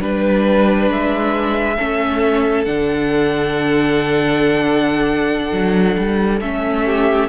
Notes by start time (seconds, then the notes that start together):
0.00 G3 D4 B4
0.90 G#3 E5
1.76 A3 C#4 A4
2.65 D3 D4 F#5
5.53 F#3
5.98 G3
6.41 A3 C#4 E5
6.86 G4